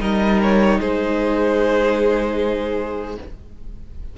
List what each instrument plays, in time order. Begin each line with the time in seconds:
0.00 cello G3, viola D#4, violin A#4 D#5
0.43 violin C#5
0.80 cello G#3, violin G#4 C5